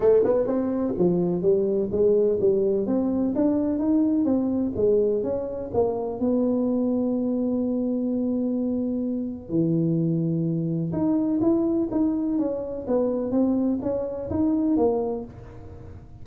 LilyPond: \new Staff \with { instrumentName = "tuba" } { \time 4/4 \tempo 4 = 126 a8 b8 c'4 f4 g4 | gis4 g4 c'4 d'4 | dis'4 c'4 gis4 cis'4 | ais4 b2.~ |
b1 | e2. dis'4 | e'4 dis'4 cis'4 b4 | c'4 cis'4 dis'4 ais4 | }